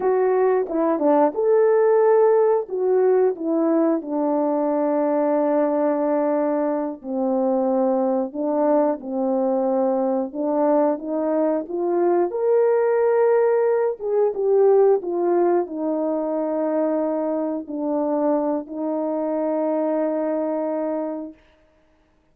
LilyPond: \new Staff \with { instrumentName = "horn" } { \time 4/4 \tempo 4 = 90 fis'4 e'8 d'8 a'2 | fis'4 e'4 d'2~ | d'2~ d'8 c'4.~ | c'8 d'4 c'2 d'8~ |
d'8 dis'4 f'4 ais'4.~ | ais'4 gis'8 g'4 f'4 dis'8~ | dis'2~ dis'8 d'4. | dis'1 | }